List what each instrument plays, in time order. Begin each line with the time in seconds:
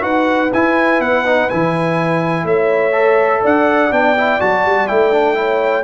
0.00 tuba D#4, trombone F#4, horn B4, trumpet F#5
0.53 tuba E4, trombone E4, trumpet G#5
1.00 tuba B3, trumpet F#5
1.25 trombone D#4
1.49 tuba E3, trombone E4, trumpet G#5
2.44 tuba A3, horn C#5, trumpet E5
2.92 trombone A4
3.41 tuba D4, horn D5, trumpet F#5
3.91 tuba B3, trombone D4, trumpet G5
4.17 trombone E4
4.40 tuba F#3, trombone F#4, trumpet A5
4.65 tuba G3
4.87 tuba A3, trombone E4, trumpet G5
5.12 trombone D4
5.35 trombone E4, horn C#5